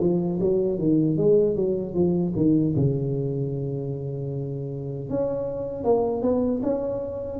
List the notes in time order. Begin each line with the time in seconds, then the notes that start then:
0.00 F3
0.40 F#3
0.79 D#3
1.17 G#3
1.55 F#3
1.94 F3
2.36 D#3
2.76 C#3
5.09 C#4
5.84 A#3
6.22 B3
6.63 C#4